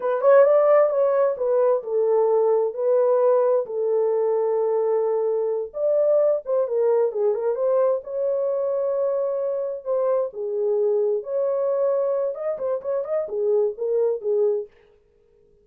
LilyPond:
\new Staff \with { instrumentName = "horn" } { \time 4/4 \tempo 4 = 131 b'8 cis''8 d''4 cis''4 b'4 | a'2 b'2 | a'1~ | a'8 d''4. c''8 ais'4 gis'8 |
ais'8 c''4 cis''2~ cis''8~ | cis''4. c''4 gis'4.~ | gis'8 cis''2~ cis''8 dis''8 c''8 | cis''8 dis''8 gis'4 ais'4 gis'4 | }